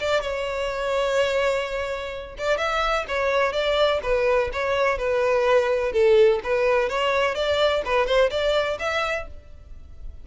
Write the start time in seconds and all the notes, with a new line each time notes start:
0.00 D5
0.21 C#5
2.38 D5
2.58 E5
3.08 C#5
3.53 D5
4.03 B4
4.53 C#5
4.98 B4
5.93 A4
6.44 B4
6.89 C#5
7.35 D5
7.85 B4
8.06 C5
8.31 D5
8.79 E5